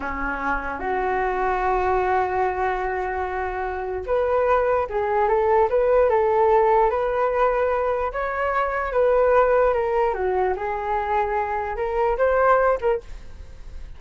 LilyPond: \new Staff \with { instrumentName = "flute" } { \time 4/4 \tempo 4 = 148 cis'2 fis'2~ | fis'1~ | fis'2 b'2 | gis'4 a'4 b'4 a'4~ |
a'4 b'2. | cis''2 b'2 | ais'4 fis'4 gis'2~ | gis'4 ais'4 c''4. ais'8 | }